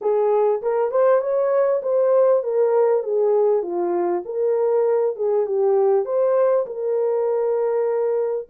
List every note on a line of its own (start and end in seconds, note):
0.01 0.61 G#4
0.61 0.91 A#4
0.91 1.21 C5
1.21 1.81 C#5
1.82 2.43 C5
2.43 3.03 A#4
3.03 3.62 G#4
3.62 4.23 F4
4.25 5.16 A#4
5.16 5.46 G#4
5.46 6.05 G4
6.05 6.66 C5
6.66 8.48 A#4